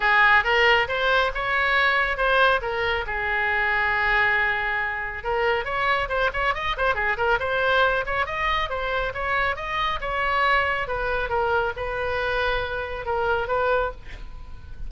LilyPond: \new Staff \with { instrumentName = "oboe" } { \time 4/4 \tempo 4 = 138 gis'4 ais'4 c''4 cis''4~ | cis''4 c''4 ais'4 gis'4~ | gis'1 | ais'4 cis''4 c''8 cis''8 dis''8 c''8 |
gis'8 ais'8 c''4. cis''8 dis''4 | c''4 cis''4 dis''4 cis''4~ | cis''4 b'4 ais'4 b'4~ | b'2 ais'4 b'4 | }